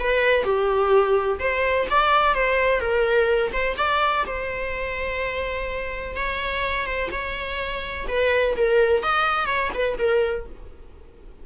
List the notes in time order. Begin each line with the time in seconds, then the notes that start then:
0.00 B4
0.44 G4
1.39 C5
1.90 D5
2.35 C5
2.81 A#4
3.53 C5
3.77 D5
4.27 C5
6.16 C#5
6.86 C5
7.12 C#5
8.08 B4
8.57 A#4
9.03 D#5
9.47 C#5
9.74 B4
9.99 A#4